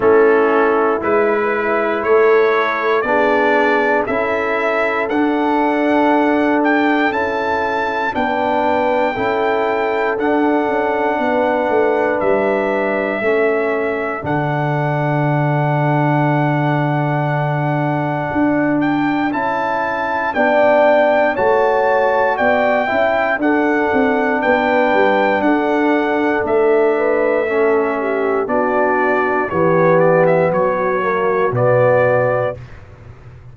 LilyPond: <<
  \new Staff \with { instrumentName = "trumpet" } { \time 4/4 \tempo 4 = 59 a'4 b'4 cis''4 d''4 | e''4 fis''4. g''8 a''4 | g''2 fis''2 | e''2 fis''2~ |
fis''2~ fis''8 g''8 a''4 | g''4 a''4 g''4 fis''4 | g''4 fis''4 e''2 | d''4 cis''8 d''16 e''16 cis''4 d''4 | }
  \new Staff \with { instrumentName = "horn" } { \time 4/4 e'2 a'4 gis'4 | a'1 | b'4 a'2 b'4~ | b'4 a'2.~ |
a'1 | d''4 cis''4 d''8 e''8 a'4 | b'4 a'4. b'8 a'8 g'8 | fis'4 g'4 fis'2 | }
  \new Staff \with { instrumentName = "trombone" } { \time 4/4 cis'4 e'2 d'4 | e'4 d'2 e'4 | d'4 e'4 d'2~ | d'4 cis'4 d'2~ |
d'2. e'4 | d'4 fis'4. e'8 d'4~ | d'2. cis'4 | d'4 b4. ais8 b4 | }
  \new Staff \with { instrumentName = "tuba" } { \time 4/4 a4 gis4 a4 b4 | cis'4 d'2 cis'4 | b4 cis'4 d'8 cis'8 b8 a8 | g4 a4 d2~ |
d2 d'4 cis'4 | b4 a4 b8 cis'8 d'8 c'8 | b8 g8 d'4 a2 | b4 e4 fis4 b,4 | }
>>